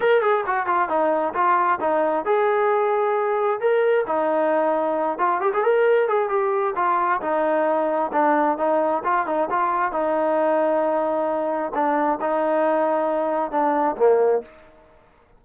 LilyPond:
\new Staff \with { instrumentName = "trombone" } { \time 4/4 \tempo 4 = 133 ais'8 gis'8 fis'8 f'8 dis'4 f'4 | dis'4 gis'2. | ais'4 dis'2~ dis'8 f'8 | g'16 gis'16 ais'4 gis'8 g'4 f'4 |
dis'2 d'4 dis'4 | f'8 dis'8 f'4 dis'2~ | dis'2 d'4 dis'4~ | dis'2 d'4 ais4 | }